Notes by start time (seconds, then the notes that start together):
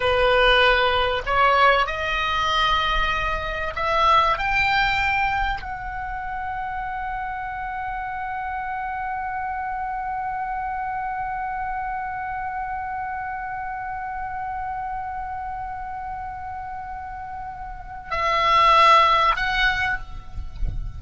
0.00 B4
1.26 C#5
1.86 D#5
3.75 E5
4.38 G5
5.62 F#5
18.10 E5
19.36 F#5